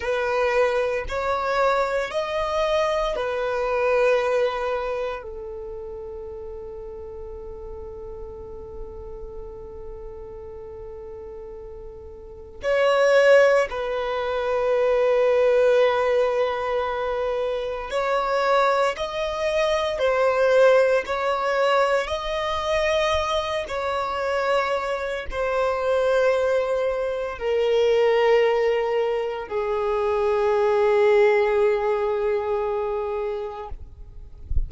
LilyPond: \new Staff \with { instrumentName = "violin" } { \time 4/4 \tempo 4 = 57 b'4 cis''4 dis''4 b'4~ | b'4 a'2.~ | a'1 | cis''4 b'2.~ |
b'4 cis''4 dis''4 c''4 | cis''4 dis''4. cis''4. | c''2 ais'2 | gis'1 | }